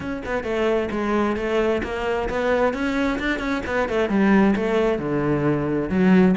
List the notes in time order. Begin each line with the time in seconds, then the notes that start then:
0.00 C#4
0.25 B3
0.43 A3
0.90 G#3
1.36 A3
1.83 A#3
2.29 B3
2.73 C#4
3.19 D4
3.39 C#4
3.65 B3
3.88 A3
4.09 G3
4.55 A3
4.98 D3
5.89 F#3